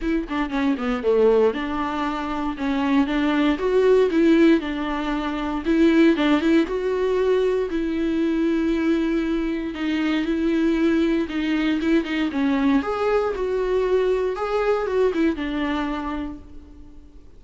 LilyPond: \new Staff \with { instrumentName = "viola" } { \time 4/4 \tempo 4 = 117 e'8 d'8 cis'8 b8 a4 d'4~ | d'4 cis'4 d'4 fis'4 | e'4 d'2 e'4 | d'8 e'8 fis'2 e'4~ |
e'2. dis'4 | e'2 dis'4 e'8 dis'8 | cis'4 gis'4 fis'2 | gis'4 fis'8 e'8 d'2 | }